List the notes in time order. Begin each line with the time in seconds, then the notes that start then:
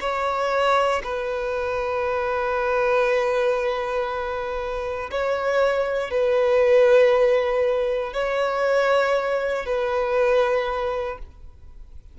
0.00 C#5
1.04 B4
5.11 C#5
6.11 B4
8.14 C#5
9.66 B4